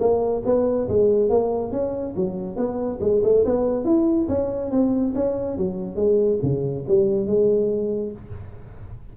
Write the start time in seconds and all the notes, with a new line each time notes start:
0.00 A#3
0.46 B3
0.89 G#3
1.30 A#3
1.72 C#4
2.16 F#3
2.56 B3
3.01 G#3
3.23 A3
3.45 B3
3.85 E4
4.29 C#4
4.71 C4
5.15 C#4
5.58 F#3
5.96 G#3
6.43 C#3
6.89 G3
7.27 G#3